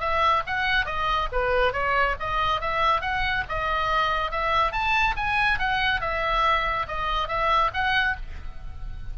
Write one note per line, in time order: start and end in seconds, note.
0.00 0.43 E5
0.47 0.86 F#5
0.86 1.28 D#5
1.32 1.73 B4
1.73 2.16 C#5
2.20 2.61 D#5
2.61 3.01 E5
3.01 3.44 F#5
3.49 4.31 D#5
4.31 4.72 E5
4.72 5.15 A5
5.16 5.59 G#5
5.59 6.01 F#5
6.01 6.86 E5
6.87 7.28 D#5
7.28 7.71 E5
7.74 8.16 F#5